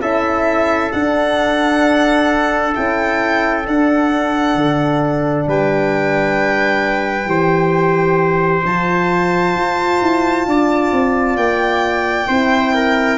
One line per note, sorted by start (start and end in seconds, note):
0.00 0.91 C#4
0.00 0.91 E4
0.00 5.46 A4
0.00 0.91 E5
0.91 2.74 D4
0.91 2.73 D4
0.91 2.73 F#5
2.73 3.66 C#4
2.73 3.64 E4
2.73 3.66 G5
3.66 7.26 D4
3.66 4.55 D4
3.66 5.48 F#5
4.55 5.46 D3
5.47 7.26 G3
5.47 7.29 B4
5.47 8.66 G5
7.26 8.62 E3
7.26 8.62 G4
7.26 10.47 C5
8.64 9.55 F3
8.64 12.30 F4
8.64 11.37 A5
9.55 10.00 F4
10.01 10.46 E4
10.46 10.91 D4
10.46 12.28 D5
10.92 11.36 C4
11.36 12.27 A#3
11.36 13.18 G5
12.28 13.18 C4
12.28 13.18 E4
12.28 12.73 C5
12.74 13.18 A#4